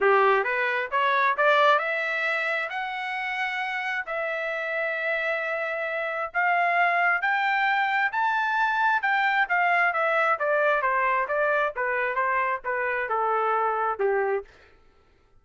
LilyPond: \new Staff \with { instrumentName = "trumpet" } { \time 4/4 \tempo 4 = 133 g'4 b'4 cis''4 d''4 | e''2 fis''2~ | fis''4 e''2.~ | e''2 f''2 |
g''2 a''2 | g''4 f''4 e''4 d''4 | c''4 d''4 b'4 c''4 | b'4 a'2 g'4 | }